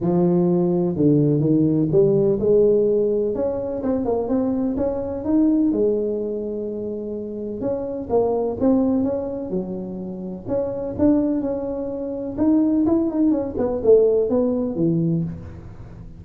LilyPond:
\new Staff \with { instrumentName = "tuba" } { \time 4/4 \tempo 4 = 126 f2 d4 dis4 | g4 gis2 cis'4 | c'8 ais8 c'4 cis'4 dis'4 | gis1 |
cis'4 ais4 c'4 cis'4 | fis2 cis'4 d'4 | cis'2 dis'4 e'8 dis'8 | cis'8 b8 a4 b4 e4 | }